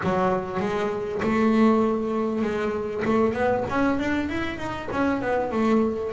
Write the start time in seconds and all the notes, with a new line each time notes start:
0.03 F#3
0.60 G#3
1.22 A3
2.42 G#3
3.04 A3
3.33 B3
3.69 C#4
3.99 D4
4.29 E4
4.58 D#4
4.91 C#4
5.21 B3
5.51 A3